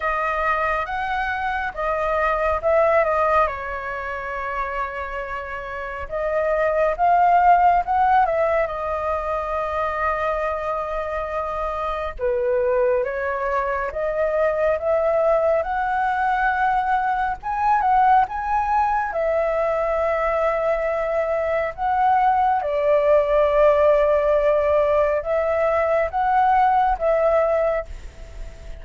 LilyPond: \new Staff \with { instrumentName = "flute" } { \time 4/4 \tempo 4 = 69 dis''4 fis''4 dis''4 e''8 dis''8 | cis''2. dis''4 | f''4 fis''8 e''8 dis''2~ | dis''2 b'4 cis''4 |
dis''4 e''4 fis''2 | gis''8 fis''8 gis''4 e''2~ | e''4 fis''4 d''2~ | d''4 e''4 fis''4 e''4 | }